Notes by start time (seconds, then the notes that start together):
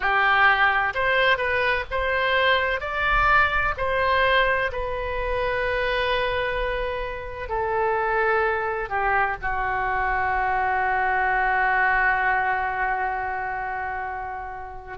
0.00 G4
0.94 C5
1.37 B4
1.90 C5
2.80 D5
3.77 C5
4.72 B4
7.48 A4
8.88 G4
9.41 F#4